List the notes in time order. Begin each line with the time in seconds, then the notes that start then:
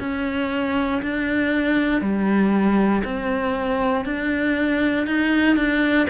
0.00 C#4
1.03 D4
2.02 G3
3.04 C4
4.05 D4
5.07 D#4
5.57 D4